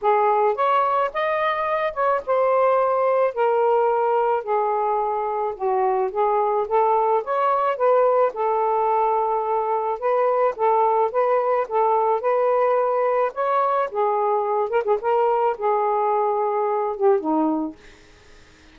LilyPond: \new Staff \with { instrumentName = "saxophone" } { \time 4/4 \tempo 4 = 108 gis'4 cis''4 dis''4. cis''8 | c''2 ais'2 | gis'2 fis'4 gis'4 | a'4 cis''4 b'4 a'4~ |
a'2 b'4 a'4 | b'4 a'4 b'2 | cis''4 gis'4. ais'16 gis'16 ais'4 | gis'2~ gis'8 g'8 dis'4 | }